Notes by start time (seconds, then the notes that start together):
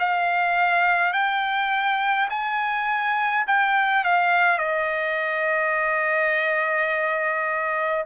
0.00 F5
1.14 G5
2.30 G#5
3.48 G5
4.05 F5
4.59 D#5